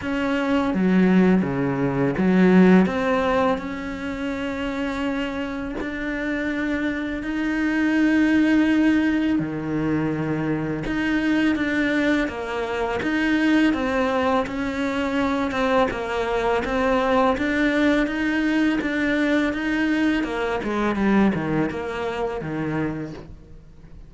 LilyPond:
\new Staff \with { instrumentName = "cello" } { \time 4/4 \tempo 4 = 83 cis'4 fis4 cis4 fis4 | c'4 cis'2. | d'2 dis'2~ | dis'4 dis2 dis'4 |
d'4 ais4 dis'4 c'4 | cis'4. c'8 ais4 c'4 | d'4 dis'4 d'4 dis'4 | ais8 gis8 g8 dis8 ais4 dis4 | }